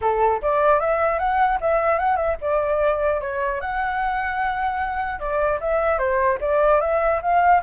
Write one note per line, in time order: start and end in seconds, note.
0.01 0.41 A4
0.42 0.79 D5
0.79 1.18 E5
1.18 1.58 F#5
1.61 1.99 E5
1.99 2.16 F#5
2.16 2.36 E5
2.41 3.20 D5
3.20 3.60 C#5
3.60 5.19 F#5
5.19 5.59 D5
5.60 5.98 E5
5.98 6.38 C5
6.41 6.80 D5
6.80 7.20 E5
7.22 7.62 F5